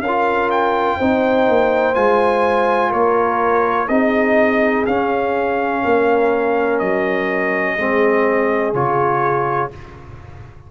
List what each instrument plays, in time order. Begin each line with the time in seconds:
0.00 tuba C#4, horn A#4, trumpet F5
0.07 trombone F4
0.51 trumpet G5
0.97 tuba C4, trombone D#4, horn C5
1.49 tuba A#3
1.95 tuba G#3, trombone F4, trumpet G#5
2.90 tuba A#3, horn A#4, trumpet C#5
3.89 tuba C4, trombone D#4, horn G#4, trumpet D#5
4.87 tuba C#4, trombone C#4, trumpet F5
5.83 tuba A#3, horn A#4
6.79 tuba F#3, trumpet D#5
7.76 tuba G#3, trombone C4, horn G#4
8.74 tuba C#3, trombone F4, trumpet C#5